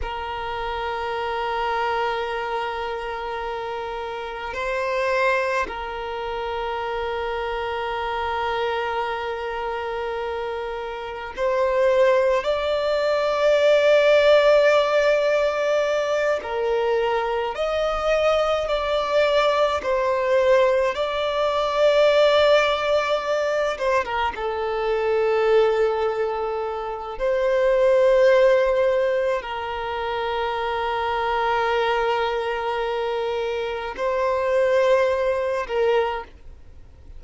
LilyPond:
\new Staff \with { instrumentName = "violin" } { \time 4/4 \tempo 4 = 53 ais'1 | c''4 ais'2.~ | ais'2 c''4 d''4~ | d''2~ d''8 ais'4 dis''8~ |
dis''8 d''4 c''4 d''4.~ | d''4 c''16 ais'16 a'2~ a'8 | c''2 ais'2~ | ais'2 c''4. ais'8 | }